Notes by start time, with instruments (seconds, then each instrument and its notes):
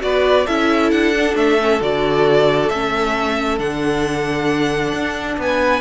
0.00 cello B3, viola F#4, violin B4 D5
0.46 cello C#4, viola E4, violin A4 E5
0.91 cello D4, violin F#5
1.14 viola D4
1.35 cello A3, violin E5
1.60 viola C#4
1.81 cello D3, viola F#4, violin D5
2.69 cello A3, viola C#4, violin E5
3.59 cello D3, viola D4, violin F#5
4.93 cello D4
5.38 cello B3, violin B4 G#5